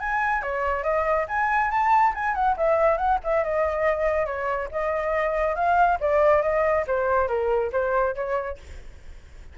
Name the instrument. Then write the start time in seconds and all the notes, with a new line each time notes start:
flute
0.00 G#5
0.42 C#5
0.84 D#5
1.28 G#5
1.71 A5
2.15 G#5
2.35 F#5
2.57 E5
2.98 F#5
3.24 E5
3.44 D#5
4.26 C#5
4.71 D#5
5.56 F5
6.00 D5
6.42 D#5
6.87 C5
7.28 A#4
7.73 C5
8.15 C#5